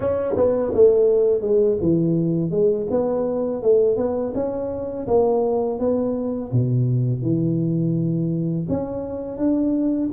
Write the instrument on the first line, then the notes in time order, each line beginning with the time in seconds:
tuba
0.00 C#4
0.36 B3
0.74 A3
1.41 G#3
1.81 E3
2.50 G#3
2.90 B3
3.62 A3
3.96 B3
4.34 C#4
5.07 A#3
5.79 B3
6.52 B2
7.22 E3
8.68 C#4
9.37 D4